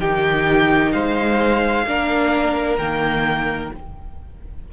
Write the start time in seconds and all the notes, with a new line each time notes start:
0.00 D#3 D#4 G4 G5
0.92 G#3 C5 F5
1.86 A#3 D4 A#4
2.78 D#3 A#3 G5